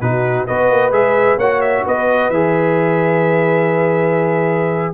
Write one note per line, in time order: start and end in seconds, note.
0.00 0.47 B2
0.00 0.47 D#4
0.00 0.47 F#4
0.00 0.46 B4
0.46 0.70 B3
0.46 0.92 F#4
0.46 1.38 B4
0.46 0.92 D#5
0.70 0.91 A#3
0.91 1.37 G#3
0.91 1.38 G#4
0.91 1.39 E5
1.37 1.83 A#3
1.37 2.33 F#4
1.37 1.84 C#5
1.37 1.61 F#5
1.61 1.84 E5
1.86 2.29 B3
1.86 4.94 B4
1.86 2.30 D#5
2.29 4.93 E3
2.29 4.94 G#4
2.29 4.94 E5